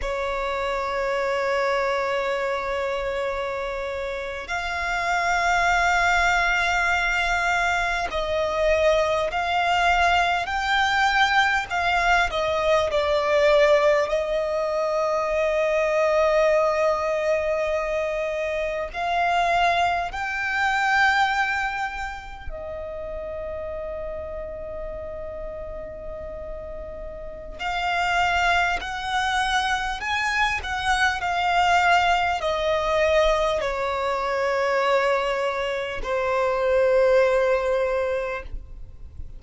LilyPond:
\new Staff \with { instrumentName = "violin" } { \time 4/4 \tempo 4 = 50 cis''2.~ cis''8. f''16~ | f''2~ f''8. dis''4 f''16~ | f''8. g''4 f''8 dis''8 d''4 dis''16~ | dis''2.~ dis''8. f''16~ |
f''8. g''2 dis''4~ dis''16~ | dis''2. f''4 | fis''4 gis''8 fis''8 f''4 dis''4 | cis''2 c''2 | }